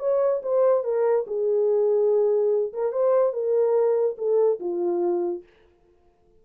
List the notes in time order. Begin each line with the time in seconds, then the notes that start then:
0.00 C#5
0.43 C5
0.84 A#4
1.27 G#4
2.73 A#4
2.93 C5
3.33 A#4
4.18 A4
4.60 F4